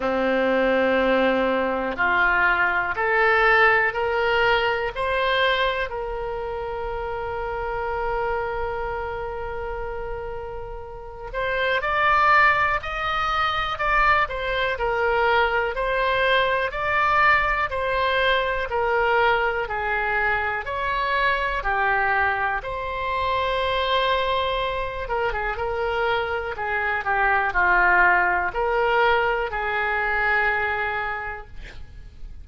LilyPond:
\new Staff \with { instrumentName = "oboe" } { \time 4/4 \tempo 4 = 61 c'2 f'4 a'4 | ais'4 c''4 ais'2~ | ais'2.~ ais'8 c''8 | d''4 dis''4 d''8 c''8 ais'4 |
c''4 d''4 c''4 ais'4 | gis'4 cis''4 g'4 c''4~ | c''4. ais'16 gis'16 ais'4 gis'8 g'8 | f'4 ais'4 gis'2 | }